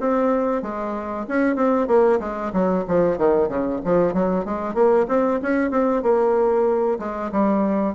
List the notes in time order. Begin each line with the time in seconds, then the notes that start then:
0.00 C4
0.62 G#3
1.28 C#4
1.56 C4
1.88 A#3
2.20 G#3
2.53 F#3
2.88 F3
3.18 D#3
3.48 C#3
3.85 F3
4.13 F#3
4.45 G#3
4.74 A#3
5.08 C4
5.42 C#4
5.71 C4
6.03 A#3
6.99 G#3
7.32 G3